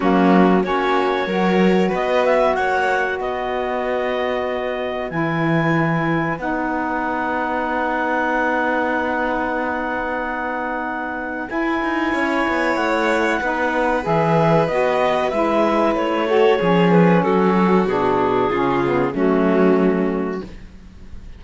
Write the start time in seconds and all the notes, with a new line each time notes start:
0.00 F#3 A#3 C#4 F#4
0.63 A#3 C#4 F#4 C#5
1.26 F#3 F#4 A#4
1.88 B4 D#5
1.94 B3
2.25 E5
2.54 A#3 C#5 F#5
3.18 B3 B4 D#5
5.10 E3 E4 G#5
6.38 B3 D#4 F#5
11.48 E4 G#5
11.83 D#4
12.11 C#4 C#5
12.47 B3
12.76 A3 F#5
13.40 B3 D#4 B4
14.02 E3 G#4 E5
14.67 B3 F#4 D#5
15.30 G#3 E4 E5
15.95 A3 C#5
16.27 F#4 A4
16.58 F3 C#4 G#4
16.91 B4
17.23 F#3 F#4 A4
17.85 B2 D4 G#4
18.49 C#3 C#4 F4
18.85 B3
19.11 F#3 A3 C#4 F#4